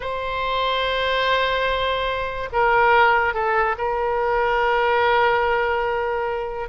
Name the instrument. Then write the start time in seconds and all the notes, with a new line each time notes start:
oboe
0.00 C5
2.52 A#4
3.34 A4
3.78 A#4